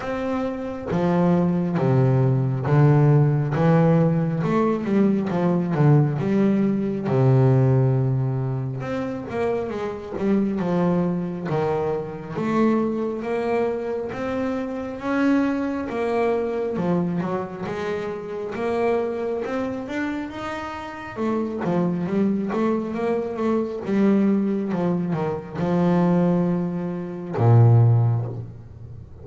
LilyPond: \new Staff \with { instrumentName = "double bass" } { \time 4/4 \tempo 4 = 68 c'4 f4 c4 d4 | e4 a8 g8 f8 d8 g4 | c2 c'8 ais8 gis8 g8 | f4 dis4 a4 ais4 |
c'4 cis'4 ais4 f8 fis8 | gis4 ais4 c'8 d'8 dis'4 | a8 f8 g8 a8 ais8 a8 g4 | f8 dis8 f2 ais,4 | }